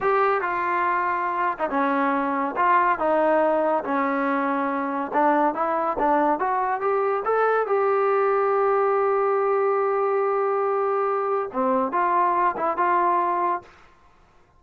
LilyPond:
\new Staff \with { instrumentName = "trombone" } { \time 4/4 \tempo 4 = 141 g'4 f'2~ f'8. dis'16 | cis'2 f'4 dis'4~ | dis'4 cis'2. | d'4 e'4 d'4 fis'4 |
g'4 a'4 g'2~ | g'1~ | g'2. c'4 | f'4. e'8 f'2 | }